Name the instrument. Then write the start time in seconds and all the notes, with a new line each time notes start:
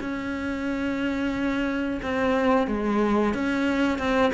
cello
0.00 C#4
2.02 C4
2.67 G#3
3.34 C#4
3.98 C4